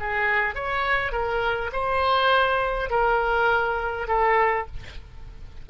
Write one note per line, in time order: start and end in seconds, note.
0.00 0.55 G#4
0.55 1.12 C#5
1.12 1.71 A#4
1.73 2.90 C5
2.90 4.08 A#4
4.08 4.67 A4